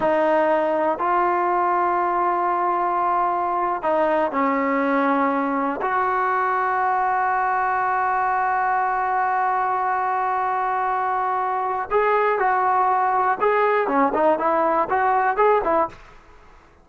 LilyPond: \new Staff \with { instrumentName = "trombone" } { \time 4/4 \tempo 4 = 121 dis'2 f'2~ | f'2.~ f'8. dis'16~ | dis'8. cis'2. fis'16~ | fis'1~ |
fis'1~ | fis'1 | gis'4 fis'2 gis'4 | cis'8 dis'8 e'4 fis'4 gis'8 e'8 | }